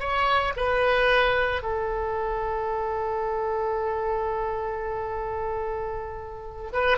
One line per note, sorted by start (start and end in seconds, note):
0.00 0.54 C#5
0.57 1.63 B4
1.63 6.72 A4
6.73 6.98 B4